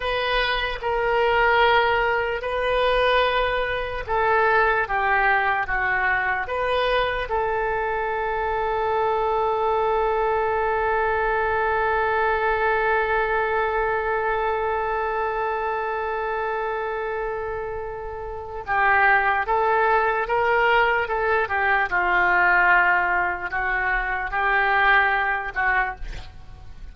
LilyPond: \new Staff \with { instrumentName = "oboe" } { \time 4/4 \tempo 4 = 74 b'4 ais'2 b'4~ | b'4 a'4 g'4 fis'4 | b'4 a'2.~ | a'1~ |
a'1~ | a'2. g'4 | a'4 ais'4 a'8 g'8 f'4~ | f'4 fis'4 g'4. fis'8 | }